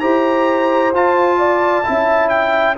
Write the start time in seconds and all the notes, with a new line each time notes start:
0.00 E4 G4 C5 A#5
0.93 F4 A5
1.39 D5
1.84 C#4 E4 E5
2.29 G5